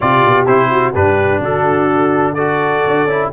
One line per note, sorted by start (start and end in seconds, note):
0.00 0.24 C3
0.00 0.46 F4
0.00 0.70 G4
0.00 0.46 D5
0.25 0.46 B2
0.46 0.93 C3
0.46 0.93 E4
0.46 0.94 C5
0.70 0.93 F#4
0.93 1.39 G2
0.93 2.37 D4
0.93 1.40 G4
0.93 1.42 B4
1.39 2.81 D3
1.39 2.34 F#4
1.39 2.34 A4
2.34 3.08 F#4
2.34 3.28 A4
2.34 3.28 D5
2.86 3.05 D4
3.05 3.28 C#4
3.05 3.32 E4